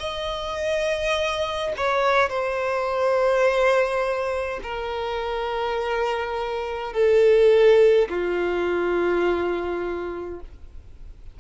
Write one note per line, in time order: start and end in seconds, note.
0.00 1.73 D#5
1.77 2.30 C#5
2.30 4.60 C5
4.63 6.93 A#4
6.93 8.09 A4
8.09 10.40 F4